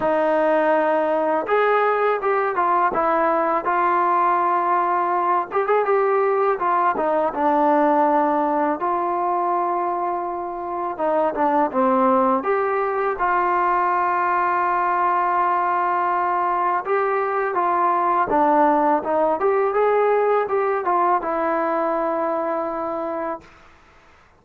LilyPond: \new Staff \with { instrumentName = "trombone" } { \time 4/4 \tempo 4 = 82 dis'2 gis'4 g'8 f'8 | e'4 f'2~ f'8 g'16 gis'16 | g'4 f'8 dis'8 d'2 | f'2. dis'8 d'8 |
c'4 g'4 f'2~ | f'2. g'4 | f'4 d'4 dis'8 g'8 gis'4 | g'8 f'8 e'2. | }